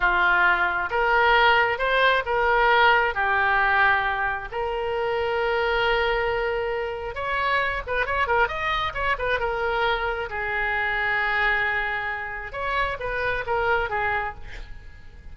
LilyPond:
\new Staff \with { instrumentName = "oboe" } { \time 4/4 \tempo 4 = 134 f'2 ais'2 | c''4 ais'2 g'4~ | g'2 ais'2~ | ais'1 |
cis''4. b'8 cis''8 ais'8 dis''4 | cis''8 b'8 ais'2 gis'4~ | gis'1 | cis''4 b'4 ais'4 gis'4 | }